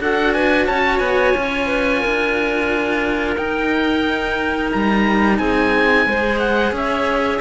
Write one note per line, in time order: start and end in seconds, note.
0.00 0.67 D4
0.00 1.34 F#4
0.00 0.35 A4
0.00 0.33 F#5
0.33 0.67 B4
0.33 0.66 G#5
0.66 0.99 C#4
0.66 1.67 C#5
0.66 0.98 A5
0.98 1.33 B3
0.98 3.34 G#5
1.34 2.04 C#4
1.34 3.36 F4
1.67 2.00 B4
2.00 3.36 D4
2.00 5.37 A#4
3.36 4.71 D#4
3.36 6.07 D#4
3.36 4.71 G5
4.72 5.39 G3
4.72 5.38 A#5
5.38 6.06 C4
5.38 6.06 G#4
5.38 6.39 G#5
6.06 6.71 G#3
6.06 7.41 G#4
6.06 6.73 C5
6.39 6.72 F#5
6.71 7.39 C#4
6.71 7.41 C#5
6.71 7.41 E5